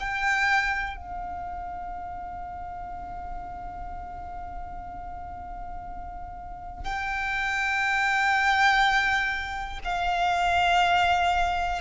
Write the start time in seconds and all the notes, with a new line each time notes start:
0.00 G5
0.97 F5
6.85 G5
9.85 F5